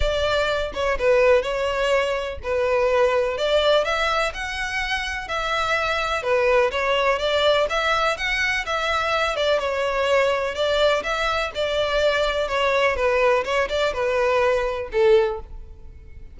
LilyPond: \new Staff \with { instrumentName = "violin" } { \time 4/4 \tempo 4 = 125 d''4. cis''8 b'4 cis''4~ | cis''4 b'2 d''4 | e''4 fis''2 e''4~ | e''4 b'4 cis''4 d''4 |
e''4 fis''4 e''4. d''8 | cis''2 d''4 e''4 | d''2 cis''4 b'4 | cis''8 d''8 b'2 a'4 | }